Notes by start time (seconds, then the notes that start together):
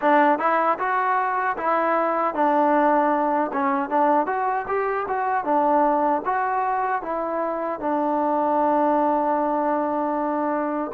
0.01 D4
0.39 E4
0.78 F#4
1.57 E4
2.34 D4
3.52 C#4
3.89 D4
4.26 F#4
4.67 G4
5.08 F#4
5.44 D4
6.25 F#4
7.02 E4
7.80 D4